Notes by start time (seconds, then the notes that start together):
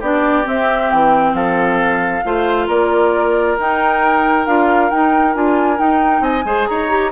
0.00 B3 D4 G4 D5
0.44 C4 E5
0.91 E3 G5
1.33 F3 A4 F5
2.24 A3 F4 C5
2.67 A#3 A#4 D5
3.58 D#4 G5
4.46 D4 F4 F5
4.90 D#4 G5
5.35 D4 F4 G#5
5.77 D#4 G5
6.20 C4 D#5 G#5
6.45 G#3 G#4 C5
6.67 D#4 C#5 A#5
6.89 G4